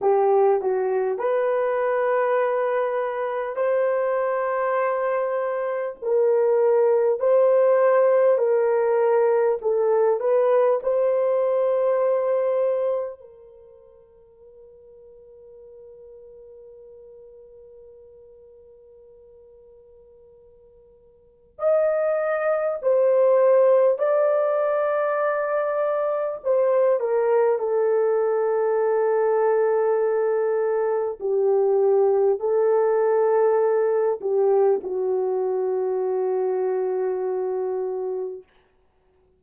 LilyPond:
\new Staff \with { instrumentName = "horn" } { \time 4/4 \tempo 4 = 50 g'8 fis'8 b'2 c''4~ | c''4 ais'4 c''4 ais'4 | a'8 b'8 c''2 ais'4~ | ais'1~ |
ais'2 dis''4 c''4 | d''2 c''8 ais'8 a'4~ | a'2 g'4 a'4~ | a'8 g'8 fis'2. | }